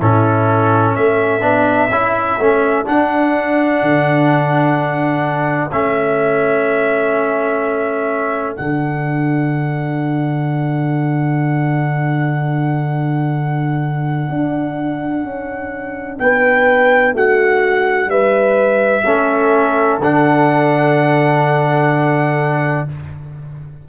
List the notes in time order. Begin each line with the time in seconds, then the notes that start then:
0.00 A2 C#4 E4 A4
0.95 A3 A4 E5
1.41 B3 D4
1.90 C#4 E4
2.39 A3 C#4
2.85 D4 F#5
3.82 D3
5.72 A3 C#4 E5
8.56 D3 D4 F#5
14.30 D4
15.24 C#4
16.19 B3 B4 G5
17.13 A3 F#4 F#5
18.07 G3 B4 E5
19.05 A3 C#4 A4
19.99 D3 D4 F#5